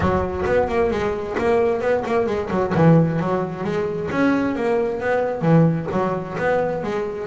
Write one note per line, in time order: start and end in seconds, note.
0.00 0.43 F#3
0.46 0.68 B3
0.68 0.90 A#3
0.90 1.36 G#3
1.38 1.80 A#3
1.80 2.03 B3
2.05 2.26 A#3
2.26 2.49 G#3
2.50 2.73 F#3
2.74 3.19 E3
3.19 3.64 F#3
3.64 4.09 G#3
4.11 4.55 C#4
4.55 5.00 A#3
5.00 5.41 B3
5.41 5.86 E3
5.91 6.36 F#3
6.38 6.83 B3
6.83 7.26 G#3